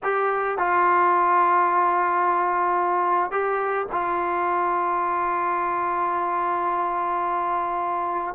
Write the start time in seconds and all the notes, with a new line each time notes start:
0.03 G4
0.57 F4
3.31 G4
3.91 F4